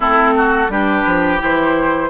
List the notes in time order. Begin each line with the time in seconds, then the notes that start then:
0.00 A3 C4 E4 A4
0.37 F#4
0.68 G3 D4 G4 B4
1.05 F3
1.39 E3 E4 C5